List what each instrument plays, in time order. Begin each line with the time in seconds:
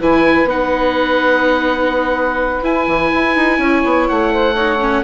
0.00 bassoon E3, viola E4, saxophone B4, oboe G#5
0.45 bassoon B3, viola D#4, oboe F#5
2.62 bassoon E4, viola E4, oboe G#5
2.87 bassoon E3
3.14 bassoon E4
3.36 bassoon D#4
3.58 bassoon C#4, saxophone C#5
3.85 bassoon B3
4.09 bassoon A3, oboe F#5
4.33 saxophone C5
4.54 viola D#4, saxophone C#5
4.80 viola C#4